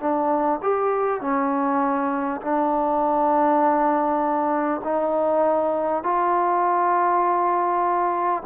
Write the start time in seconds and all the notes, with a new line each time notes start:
0.00 D4
0.63 G4
1.21 C#4
2.42 D4
4.84 D#4
6.04 F4